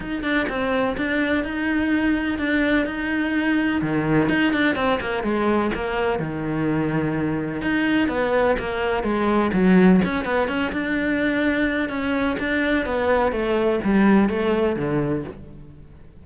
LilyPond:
\new Staff \with { instrumentName = "cello" } { \time 4/4 \tempo 4 = 126 dis'8 d'8 c'4 d'4 dis'4~ | dis'4 d'4 dis'2 | dis4 dis'8 d'8 c'8 ais8 gis4 | ais4 dis2. |
dis'4 b4 ais4 gis4 | fis4 cis'8 b8 cis'8 d'4.~ | d'4 cis'4 d'4 b4 | a4 g4 a4 d4 | }